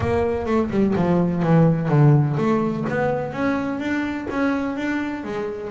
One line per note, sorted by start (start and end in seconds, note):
0.00 0.45 A#3
0.46 0.69 A3
0.70 0.94 G3
0.95 1.42 F3
1.42 1.88 E3
1.88 2.35 D3
2.37 2.84 A3
2.89 3.32 B3
3.32 3.79 C#4
3.79 4.27 D4
4.30 4.76 C#4
4.76 5.24 D4
5.24 5.70 G#3